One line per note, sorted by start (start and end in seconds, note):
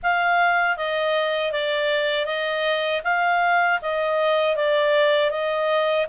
0.02 0.76 F5
0.76 1.52 D#5
1.52 2.25 D5
2.25 3.01 D#5
3.03 3.79 F5
3.81 4.56 D#5
4.56 5.30 D5
5.30 6.06 D#5